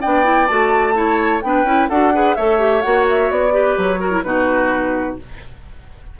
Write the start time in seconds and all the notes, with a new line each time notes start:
0.00 B3 D4 D5 G5
0.23 E4
0.46 A3 F#4 A5
0.94 E4 C#5
1.41 B3 D4 B4 G5
1.63 C#4 E4
1.88 D4 F#4 A4 F#5
2.13 G#4 B4
2.35 A3 A4 C#5 E5
2.58 G4
2.81 A#3 F#4 F#5
3.09 E5
3.30 B3 D5
3.50 G4 B4
3.77 F#3 C#5
3.99 F#4 A#4
4.11 E4
4.23 B2 D#4 F#4 B4